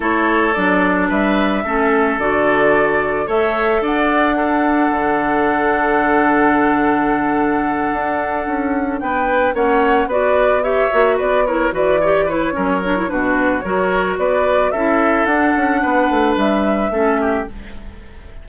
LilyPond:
<<
  \new Staff \with { instrumentName = "flute" } { \time 4/4 \tempo 4 = 110 cis''4 d''4 e''2 | d''2 e''4 fis''4~ | fis''1~ | fis''1~ |
fis''8 g''4 fis''4 d''4 e''8~ | e''8 d''8 cis''8 d''4 cis''4. | b'4 cis''4 d''4 e''4 | fis''2 e''2 | }
  \new Staff \with { instrumentName = "oboe" } { \time 4/4 a'2 b'4 a'4~ | a'2 cis''4 d''4 | a'1~ | a'1~ |
a'8 b'4 cis''4 b'4 cis''8~ | cis''8 b'8 ais'8 b'8 cis''8 b'8 ais'4 | fis'4 ais'4 b'4 a'4~ | a'4 b'2 a'8 g'8 | }
  \new Staff \with { instrumentName = "clarinet" } { \time 4/4 e'4 d'2 cis'4 | fis'2 a'2 | d'1~ | d'1~ |
d'4. cis'4 fis'4 g'8 | fis'4 e'8 fis'8 g'8 e'8 cis'8 d'16 e'16 | d'4 fis'2 e'4 | d'2. cis'4 | }
  \new Staff \with { instrumentName = "bassoon" } { \time 4/4 a4 fis4 g4 a4 | d2 a4 d'4~ | d'4 d2.~ | d2~ d8 d'4 cis'8~ |
cis'8 b4 ais4 b4. | ais8 b4 e4. fis4 | b,4 fis4 b4 cis'4 | d'8 cis'8 b8 a8 g4 a4 | }
>>